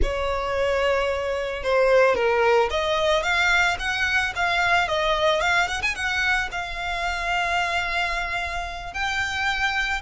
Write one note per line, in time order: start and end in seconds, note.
0.02 1.63 C#5
1.63 2.15 C5
2.15 2.69 A#4
2.70 3.23 D#5
3.23 3.77 F5
3.79 4.33 F#5
4.35 4.87 F5
4.87 5.41 D#5
5.41 5.68 F5
5.68 5.81 F#5
5.82 5.95 G#5
5.95 6.49 F#5
6.51 8.93 F5
8.93 10.01 G5